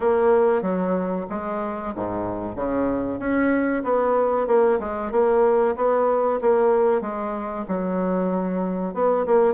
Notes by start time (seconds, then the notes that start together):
0.00 A#3
0.62 F#3
1.29 G#3
1.95 G#2
2.55 C#3
3.19 C#4
3.83 B3
4.47 A#3
4.79 G#3
5.11 A#3
5.76 B3
6.41 A#3
7.01 G#3
7.67 F#3
8.94 B3
9.26 A#3